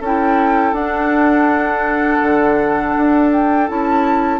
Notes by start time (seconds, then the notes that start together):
0.00 C#4 E4 A4 G5
0.72 D4 F#5
2.22 D3
2.96 D4
3.32 G5
3.67 C#4 E4 A5